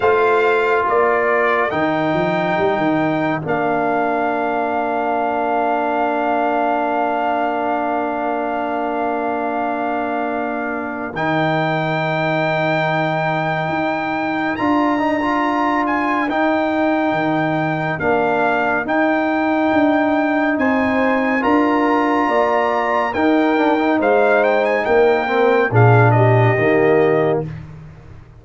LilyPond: <<
  \new Staff \with { instrumentName = "trumpet" } { \time 4/4 \tempo 4 = 70 f''4 d''4 g''2 | f''1~ | f''1~ | f''4 g''2.~ |
g''4 ais''4. gis''8 g''4~ | g''4 f''4 g''2 | gis''4 ais''2 g''4 | f''8 g''16 gis''16 g''4 f''8 dis''4. | }
  \new Staff \with { instrumentName = "horn" } { \time 4/4 c''4 ais'2.~ | ais'1~ | ais'1~ | ais'1~ |
ais'1~ | ais'1 | c''4 ais'4 d''4 ais'4 | c''4 ais'4 gis'8 g'4. | }
  \new Staff \with { instrumentName = "trombone" } { \time 4/4 f'2 dis'2 | d'1~ | d'1~ | d'4 dis'2.~ |
dis'4 f'8 dis'16 f'4~ f'16 dis'4~ | dis'4 d'4 dis'2~ | dis'4 f'2 dis'8 d'16 dis'16~ | dis'4. c'8 d'4 ais4 | }
  \new Staff \with { instrumentName = "tuba" } { \time 4/4 a4 ais4 dis8 f8 g16 dis8. | ais1~ | ais1~ | ais4 dis2. |
dis'4 d'2 dis'4 | dis4 ais4 dis'4 d'4 | c'4 d'4 ais4 dis'4 | gis4 ais4 ais,4 dis4 | }
>>